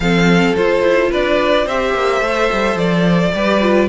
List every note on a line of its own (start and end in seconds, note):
0.00 0.56 F3
0.00 0.56 C4
0.00 1.10 A4
0.00 0.55 F5
0.56 1.68 F4
0.56 0.81 F4
0.56 1.11 C5
0.81 1.09 E4
1.10 1.66 D4
1.10 1.65 B4
1.10 1.68 D5
1.65 1.94 C4
1.65 2.23 G4
1.65 3.32 C5
1.65 2.78 E5
1.94 2.20 A#3
2.20 2.48 A3
2.20 3.34 A4
2.52 2.75 G3
2.75 3.31 F3
2.75 3.88 D5
3.34 3.88 G3
3.34 3.61 G4
3.34 3.88 B4
3.61 3.88 F4